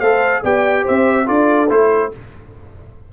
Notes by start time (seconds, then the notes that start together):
0.00 A3 A4 C5 F5
0.43 B3 G4 D5 G5
0.83 C4 C5 E5
1.26 D4 F4 A4 D5
1.69 A3 E4 C5